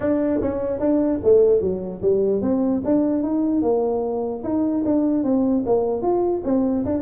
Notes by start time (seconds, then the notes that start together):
0.00 D4
0.41 C#4
0.79 D4
1.23 A3
1.60 F#3
2.02 G3
2.41 C4
2.84 D4
3.23 D#4
3.62 A#3
4.43 D#4
4.85 D4
5.23 C4
5.65 A#3
6.02 F4
6.44 C4
6.85 D4